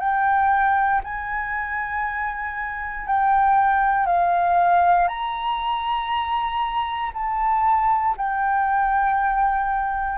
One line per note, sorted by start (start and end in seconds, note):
0.00 1.02 G5
1.04 3.07 G#5
3.07 4.07 G5
4.07 5.08 F5
5.08 7.12 A#5
7.14 8.16 A5
8.18 10.18 G5